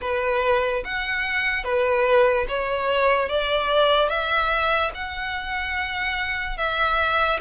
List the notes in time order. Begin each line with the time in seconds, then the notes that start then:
0.01 B4
0.84 F#5
1.64 B4
2.48 C#5
3.28 D5
4.09 E5
4.94 F#5
6.57 E5